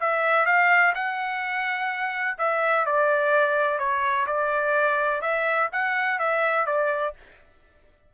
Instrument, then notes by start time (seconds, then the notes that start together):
trumpet
0.00 E5
0.46 F5
0.95 F#5
2.38 E5
2.86 D5
3.79 C#5
4.26 D5
5.21 E5
5.72 F#5
6.19 E5
6.66 D5